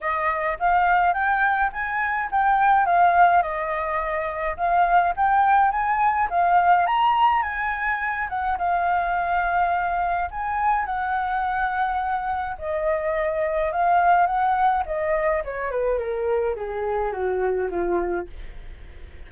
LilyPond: \new Staff \with { instrumentName = "flute" } { \time 4/4 \tempo 4 = 105 dis''4 f''4 g''4 gis''4 | g''4 f''4 dis''2 | f''4 g''4 gis''4 f''4 | ais''4 gis''4. fis''8 f''4~ |
f''2 gis''4 fis''4~ | fis''2 dis''2 | f''4 fis''4 dis''4 cis''8 b'8 | ais'4 gis'4 fis'4 f'4 | }